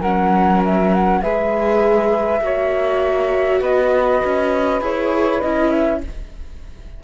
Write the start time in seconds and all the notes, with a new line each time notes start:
0.00 F#3 C#4 A#4 F#5
0.64 E5
0.94 F#5
1.21 G#3 G#4 B4 E5
2.41 A#3 F#4 C#5
3.60 B3 B4 D#5
4.24 C#4
4.80 E4 G#4 C#5
5.40 C#4 E4 D#5
5.70 E5